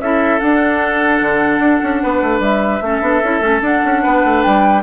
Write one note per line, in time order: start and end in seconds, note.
0.00 0.40 C#4
0.00 0.40 E4
0.00 2.03 A4
0.00 0.40 E5
0.40 2.82 D4
0.40 1.21 D4
0.40 2.41 F#5
1.21 1.59 D3
1.59 1.79 D4
1.83 2.03 C#4
2.03 2.22 B3
2.03 2.84 B4
2.22 2.40 A3
2.40 2.80 G3
2.40 3.62 E5
2.81 3.01 A3
2.81 3.02 C#4
2.81 4.03 A4
3.01 3.21 B3
3.01 3.22 D4
3.24 3.40 C#4
3.24 3.41 E4
3.40 3.61 A3
3.40 3.61 C#4
3.62 3.82 D4
3.62 4.84 D4
3.62 4.42 F#5
3.85 4.05 C#4
4.03 4.25 B3
4.03 4.83 B4
4.25 4.45 A3
4.42 4.84 G3
4.42 4.83 G5